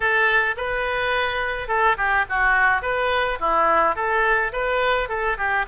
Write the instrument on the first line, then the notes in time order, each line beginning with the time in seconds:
oboe
0.00 A4
0.57 B4
1.68 A4
1.97 G4
2.29 F#4
2.82 B4
3.39 E4
3.95 A4
4.52 B4
5.08 A4
5.37 G4